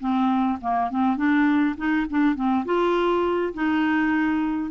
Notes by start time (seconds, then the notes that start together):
0.00 C4
0.61 A#3
0.91 C4
1.17 D4
1.77 D#4
2.10 D4
2.35 C4
2.66 F4
3.54 D#4